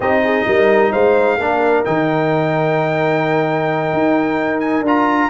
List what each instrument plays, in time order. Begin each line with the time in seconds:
0.00 tuba C4, trombone D#4, horn G4, trumpet D#5
0.23 horn G#4
0.46 tuba G3, horn A#4
0.92 tuba G#3, horn C5, trumpet F5
1.37 tuba A#3, trombone D4, horn A#4
1.85 tuba D#3, trombone D#4, trumpet G5
3.92 tuba D#4
4.60 trumpet G#5
4.81 tuba D4, trombone F4
4.87 trumpet A#5